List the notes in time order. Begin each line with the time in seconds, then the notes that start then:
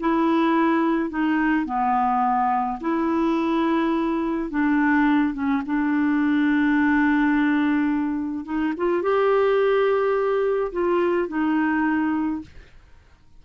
0.00 E4
1.10 D#4
1.66 B3
2.81 E4
4.51 D4
5.34 C#4
5.66 D4
8.45 D#4
8.77 F4
9.02 G4
10.72 F4
11.28 D#4